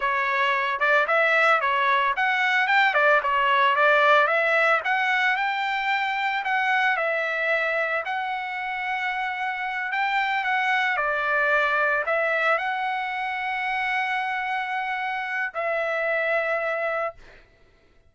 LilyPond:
\new Staff \with { instrumentName = "trumpet" } { \time 4/4 \tempo 4 = 112 cis''4. d''8 e''4 cis''4 | fis''4 g''8 d''8 cis''4 d''4 | e''4 fis''4 g''2 | fis''4 e''2 fis''4~ |
fis''2~ fis''8 g''4 fis''8~ | fis''8 d''2 e''4 fis''8~ | fis''1~ | fis''4 e''2. | }